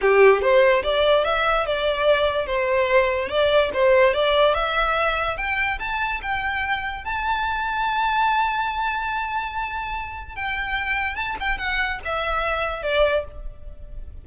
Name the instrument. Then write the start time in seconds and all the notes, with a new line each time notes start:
violin
0.01 G4
0.41 C5
0.83 D5
1.24 E5
1.66 D5
2.46 C5
3.28 D5
3.73 C5
4.13 D5
4.54 E5
5.37 G5
5.79 A5
6.22 G5
7.04 A5
10.35 G5
11.15 A5
11.40 G5
11.58 F#5
12.04 E5
12.83 D5